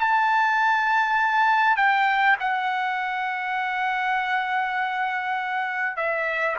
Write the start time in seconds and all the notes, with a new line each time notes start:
0.00 A5
1.77 G5
2.40 F#5
5.97 E5